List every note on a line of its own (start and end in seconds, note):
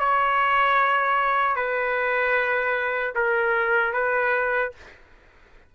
0.00 1.56 C#5
1.56 3.14 B4
3.15 3.93 A#4
3.93 4.72 B4